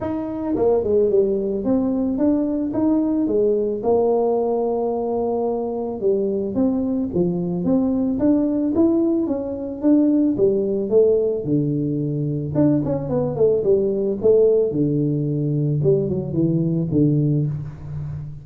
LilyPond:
\new Staff \with { instrumentName = "tuba" } { \time 4/4 \tempo 4 = 110 dis'4 ais8 gis8 g4 c'4 | d'4 dis'4 gis4 ais4~ | ais2. g4 | c'4 f4 c'4 d'4 |
e'4 cis'4 d'4 g4 | a4 d2 d'8 cis'8 | b8 a8 g4 a4 d4~ | d4 g8 fis8 e4 d4 | }